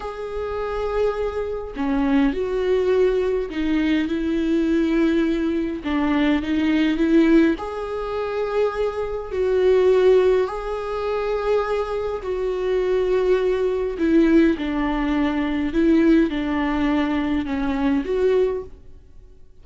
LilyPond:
\new Staff \with { instrumentName = "viola" } { \time 4/4 \tempo 4 = 103 gis'2. cis'4 | fis'2 dis'4 e'4~ | e'2 d'4 dis'4 | e'4 gis'2. |
fis'2 gis'2~ | gis'4 fis'2. | e'4 d'2 e'4 | d'2 cis'4 fis'4 | }